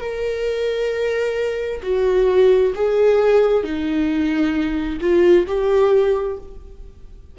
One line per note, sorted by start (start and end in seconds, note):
0.00 1.82 A#4
1.83 2.74 F#4
2.76 3.64 G#4
3.64 5.00 D#4
5.01 5.47 F4
5.47 6.38 G4